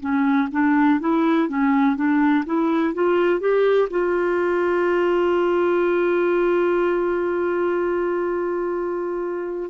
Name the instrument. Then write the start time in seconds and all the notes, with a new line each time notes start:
clarinet
0.00 C#4
0.52 D4
1.00 E4
1.49 C#4
1.96 D4
2.45 E4
2.94 F4
3.40 G4
3.90 F4